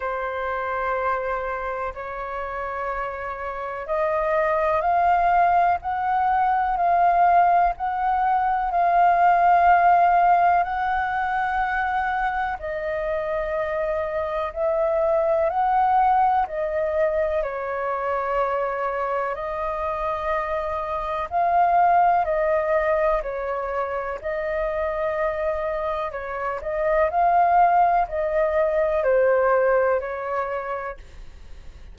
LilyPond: \new Staff \with { instrumentName = "flute" } { \time 4/4 \tempo 4 = 62 c''2 cis''2 | dis''4 f''4 fis''4 f''4 | fis''4 f''2 fis''4~ | fis''4 dis''2 e''4 |
fis''4 dis''4 cis''2 | dis''2 f''4 dis''4 | cis''4 dis''2 cis''8 dis''8 | f''4 dis''4 c''4 cis''4 | }